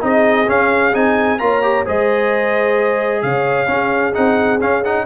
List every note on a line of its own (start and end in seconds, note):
0.00 0.48 C4
0.00 0.46 D#4
0.00 1.41 G#4
0.00 0.49 D#5
0.47 0.93 C#4
0.47 0.94 C#4
0.47 0.94 F5
0.93 1.40 C4
0.93 1.39 D#4
0.93 1.38 G#5
1.38 1.86 A#3
1.38 1.62 F4
1.38 1.85 C#5
1.38 1.84 A#5
1.62 1.85 G4
1.85 3.22 G#3
1.85 3.67 G#4
1.85 3.22 C5
1.85 3.22 D#5
3.22 3.68 C#3
3.22 3.70 C#5
3.22 4.13 F5
3.67 4.13 C#4
3.67 4.14 C#4
3.67 5.05 G#4
4.13 4.60 C4
4.13 4.59 D#4
4.13 4.60 F#5
4.60 5.05 C#4
4.60 4.83 C#4
4.60 4.84 F5
4.84 5.05 D#4
4.84 5.05 F#5